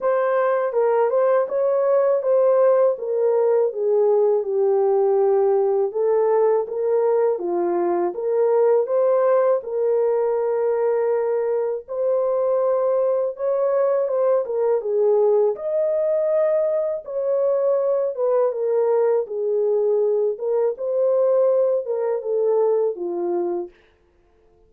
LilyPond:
\new Staff \with { instrumentName = "horn" } { \time 4/4 \tempo 4 = 81 c''4 ais'8 c''8 cis''4 c''4 | ais'4 gis'4 g'2 | a'4 ais'4 f'4 ais'4 | c''4 ais'2. |
c''2 cis''4 c''8 ais'8 | gis'4 dis''2 cis''4~ | cis''8 b'8 ais'4 gis'4. ais'8 | c''4. ais'8 a'4 f'4 | }